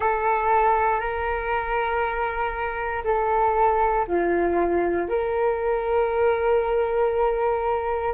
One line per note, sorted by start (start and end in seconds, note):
0.00 0.99 A4
0.99 3.03 A#4
3.04 4.06 A4
4.07 5.08 F4
5.08 8.14 A#4